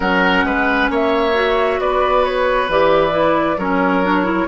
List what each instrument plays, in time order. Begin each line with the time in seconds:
0.00 bassoon F#3, clarinet C#4, oboe A#4, flute F#5
0.44 bassoon G#3, oboe B4
0.89 bassoon A#3, oboe C#5, flute E5
1.33 clarinet F#4
1.79 bassoon B3, oboe B4, flute D5
2.24 flute C#5
2.68 bassoon E3, clarinet G4, flute D5
3.10 clarinet E4
3.57 bassoon F#3, clarinet C#4, oboe A#4, flute C#5
4.03 clarinet D4
4.24 clarinet E4